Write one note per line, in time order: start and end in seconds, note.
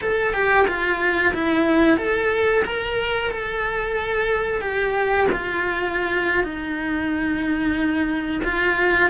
0.01 0.33 A4
0.33 0.66 G4
0.67 1.33 F4
1.34 1.97 E4
1.97 2.63 A4
2.64 3.30 A#4
3.30 4.61 A4
4.61 5.27 G4
5.31 6.43 F4
6.43 8.41 D#4
8.44 9.10 F4